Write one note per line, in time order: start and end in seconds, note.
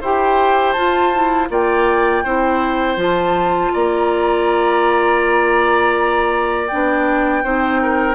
0.00 0.76 E4
0.00 0.76 G4
0.00 1.48 C5
0.00 0.72 G5
0.72 1.13 F4
0.72 1.49 F4
0.72 1.46 A5
1.13 1.49 E4
1.49 2.23 A#3
1.49 2.23 F4
1.49 2.23 D5
1.49 2.99 G5
2.23 2.96 C4
2.23 2.96 E4
2.23 3.72 C5
2.96 3.70 F3
2.96 6.67 F4
2.96 3.74 A5
3.73 6.71 A#3
3.73 7.43 D5
3.73 6.67 A#5
6.67 7.44 B3
6.67 7.43 D4
6.67 8.15 G5
7.43 8.15 C4
7.43 8.15 D#4
7.43 7.81 C5
7.82 8.15 A#4